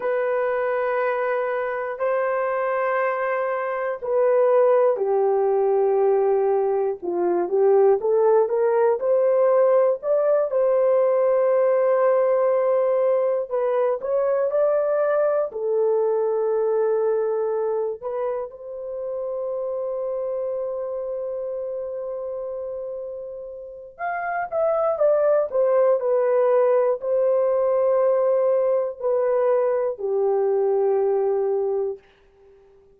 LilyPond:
\new Staff \with { instrumentName = "horn" } { \time 4/4 \tempo 4 = 60 b'2 c''2 | b'4 g'2 f'8 g'8 | a'8 ais'8 c''4 d''8 c''4.~ | c''4. b'8 cis''8 d''4 a'8~ |
a'2 b'8 c''4.~ | c''1 | f''8 e''8 d''8 c''8 b'4 c''4~ | c''4 b'4 g'2 | }